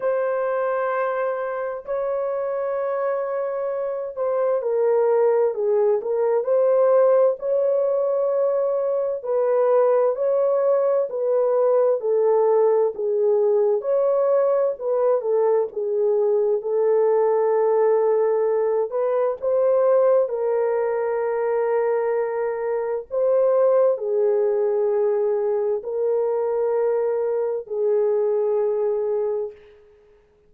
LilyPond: \new Staff \with { instrumentName = "horn" } { \time 4/4 \tempo 4 = 65 c''2 cis''2~ | cis''8 c''8 ais'4 gis'8 ais'8 c''4 | cis''2 b'4 cis''4 | b'4 a'4 gis'4 cis''4 |
b'8 a'8 gis'4 a'2~ | a'8 b'8 c''4 ais'2~ | ais'4 c''4 gis'2 | ais'2 gis'2 | }